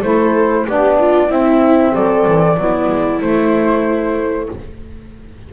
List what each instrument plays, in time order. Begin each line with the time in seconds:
0.00 double bass A3, saxophone E4, viola A4, flute C5
0.67 double bass B3, saxophone D4, viola G4, flute D5
1.00 viola F4
1.29 double bass C4, saxophone C4, viola E4, flute E5
1.93 double bass F#3, viola A4, flute D5
2.28 double bass E3
2.58 double bass F#3, saxophone B3, viola E4
2.89 double bass G#3
3.22 double bass A3, saxophone A3, flute C5